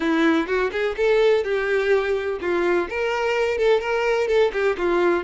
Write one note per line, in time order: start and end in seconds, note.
0.00 0.47 E4
0.47 0.70 F#4
0.71 0.95 G#4
0.97 1.44 A4
1.44 2.39 G4
2.40 2.88 F4
2.89 3.58 A#4
3.58 3.80 A4
3.80 4.27 A#4
4.27 4.51 A4
4.52 4.76 G4
4.77 5.23 F4